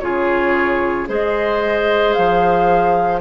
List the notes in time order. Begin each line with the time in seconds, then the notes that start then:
0.00 C#3 F4 G#4 C#5
1.08 G#3 G#4 C5 D#5
2.13 F3 F5